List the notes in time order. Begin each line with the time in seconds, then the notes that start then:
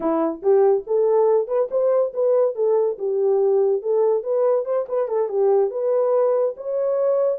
0.00 E4
0.42 G4
0.86 A4
1.47 B4
1.71 C5
2.13 B4
2.55 A4
2.98 G4
3.82 A4
4.23 B4
4.65 C5
4.88 B4
5.08 A4
5.28 G4
5.70 B4
6.56 C#5